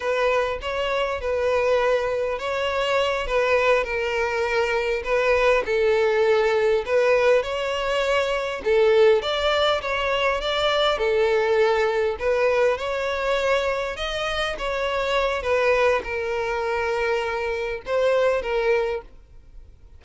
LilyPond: \new Staff \with { instrumentName = "violin" } { \time 4/4 \tempo 4 = 101 b'4 cis''4 b'2 | cis''4. b'4 ais'4.~ | ais'8 b'4 a'2 b'8~ | b'8 cis''2 a'4 d''8~ |
d''8 cis''4 d''4 a'4.~ | a'8 b'4 cis''2 dis''8~ | dis''8 cis''4. b'4 ais'4~ | ais'2 c''4 ais'4 | }